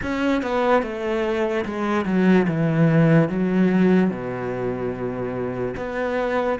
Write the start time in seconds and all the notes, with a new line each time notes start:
0.02 C#4
0.42 B3
0.82 A3
1.65 G#3
2.05 F#3
2.47 E3
3.28 F#3
4.10 B2
5.76 B3